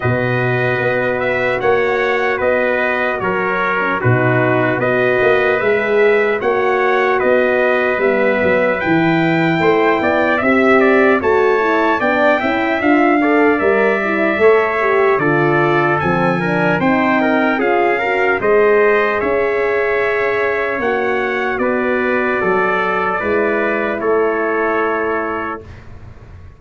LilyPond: <<
  \new Staff \with { instrumentName = "trumpet" } { \time 4/4 \tempo 4 = 75 dis''4. e''8 fis''4 dis''4 | cis''4 b'4 dis''4 e''4 | fis''4 dis''4 e''4 g''4~ | g''4 e''4 a''4 g''4 |
f''4 e''2 d''4 | gis''4 g''4 f''4 dis''4 | e''2 fis''4 d''4~ | d''2 cis''2 | }
  \new Staff \with { instrumentName = "trumpet" } { \time 4/4 b'2 cis''4 b'4 | ais'4 fis'4 b'2 | cis''4 b'2. | c''8 d''8 e''8 d''8 cis''4 d''8 e''8~ |
e''8 d''4. cis''4 a'4~ | a'8 ais'8 c''8 ais'8 gis'8 ais'8 c''4 | cis''2. b'4 | a'4 b'4 a'2 | }
  \new Staff \with { instrumentName = "horn" } { \time 4/4 fis'1~ | fis'8. cis'16 dis'4 fis'4 gis'4 | fis'2 b4 e'4~ | e'4 g'4 fis'8 e'8 d'8 e'8 |
f'8 a'8 ais'8 e'8 a'8 g'8 f'4 | c'8 d'8 dis'4 f'8 fis'8 gis'4~ | gis'2 fis'2~ | fis'4 e'2. | }
  \new Staff \with { instrumentName = "tuba" } { \time 4/4 b,4 b4 ais4 b4 | fis4 b,4 b8 ais8 gis4 | ais4 b4 g8 fis8 e4 | a8 b8 c'4 a4 b8 cis'8 |
d'4 g4 a4 d4 | f4 c'4 cis'4 gis4 | cis'2 ais4 b4 | fis4 gis4 a2 | }
>>